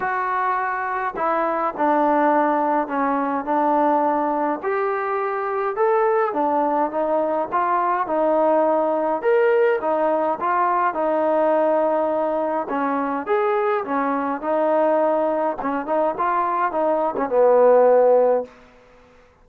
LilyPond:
\new Staff \with { instrumentName = "trombone" } { \time 4/4 \tempo 4 = 104 fis'2 e'4 d'4~ | d'4 cis'4 d'2 | g'2 a'4 d'4 | dis'4 f'4 dis'2 |
ais'4 dis'4 f'4 dis'4~ | dis'2 cis'4 gis'4 | cis'4 dis'2 cis'8 dis'8 | f'4 dis'8. cis'16 b2 | }